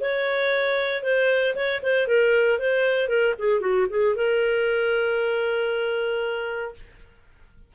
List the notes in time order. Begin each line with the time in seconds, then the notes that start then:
0.00 C#5
1.03 C5
1.55 C#5
1.82 C5
2.07 A#4
2.59 C5
3.08 A#4
3.38 G#4
3.60 F#4
3.89 G#4
4.15 A#4